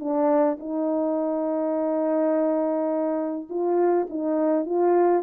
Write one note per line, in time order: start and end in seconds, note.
0.00 0.58 D4
0.60 3.48 D#4
3.50 4.08 F4
4.10 4.66 D#4
4.66 5.23 F4